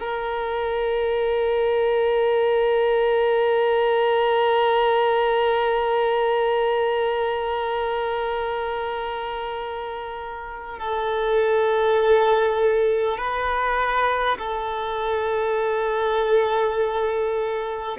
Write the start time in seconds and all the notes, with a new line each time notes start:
0.00 A#4
10.79 A4
13.18 B4
14.39 A4